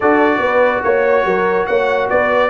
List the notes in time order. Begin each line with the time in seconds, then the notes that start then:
0.00 D4 F#4 A4 D5
0.38 B3 B4
0.83 A#3 C#5
1.24 F#3 A#4
1.66 A#3 C#5 F#5
2.09 B3 B4 D5